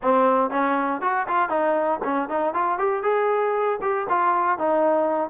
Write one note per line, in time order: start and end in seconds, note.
0.02 0.50 C4
0.50 1.01 C#4
1.01 1.26 F#4
1.28 1.49 F4
1.49 1.99 D#4
2.04 2.29 C#4
2.29 2.54 D#4
2.54 2.78 F4
2.78 3.03 G4
3.03 3.79 G#4
3.81 4.07 G4
4.09 4.58 F4
4.58 5.29 D#4